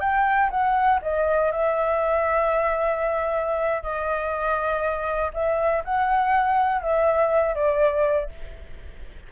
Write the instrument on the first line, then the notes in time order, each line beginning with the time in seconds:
flute
0.00 G5
0.50 F#5
1.02 D#5
1.51 E5
3.82 D#5
5.33 E5
5.84 F#5
6.82 E5
7.55 D5